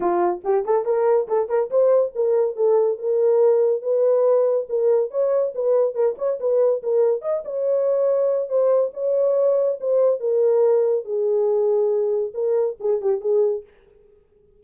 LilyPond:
\new Staff \with { instrumentName = "horn" } { \time 4/4 \tempo 4 = 141 f'4 g'8 a'8 ais'4 a'8 ais'8 | c''4 ais'4 a'4 ais'4~ | ais'4 b'2 ais'4 | cis''4 b'4 ais'8 cis''8 b'4 |
ais'4 dis''8 cis''2~ cis''8 | c''4 cis''2 c''4 | ais'2 gis'2~ | gis'4 ais'4 gis'8 g'8 gis'4 | }